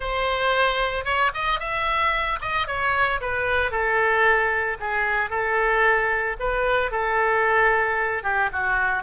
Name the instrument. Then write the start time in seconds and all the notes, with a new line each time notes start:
oboe
0.00 C5
1.04 C#5
1.33 D#5
1.59 E5
2.41 D#5
2.67 C#5
3.20 B4
3.71 A4
4.80 G#4
5.30 A4
6.39 B4
6.91 A4
8.23 G4
8.52 F#4